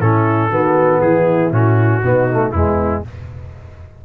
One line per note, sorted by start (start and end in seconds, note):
0.00 0.50 A2
0.00 0.51 C#4
0.00 0.50 E4
0.00 1.01 A4
0.50 1.01 D#3
0.50 1.52 B3
0.50 1.01 F#4
1.01 1.51 E3
1.01 2.04 E4
1.01 1.52 G#4
1.51 2.02 A2
1.51 2.02 C#4
1.51 2.52 F#4
2.03 2.53 B2
2.03 2.30 B3
2.03 2.53 D#4
2.31 2.54 A3
2.52 3.03 E2
2.52 3.05 G#3
2.52 3.03 B3
2.52 3.03 E4